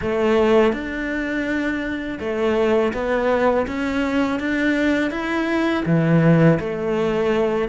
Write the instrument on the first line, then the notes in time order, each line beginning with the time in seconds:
cello
0.01 A3
0.72 D4
2.19 A3
2.93 B3
3.67 C#4
4.39 D4
5.11 E4
5.85 E3
6.59 A3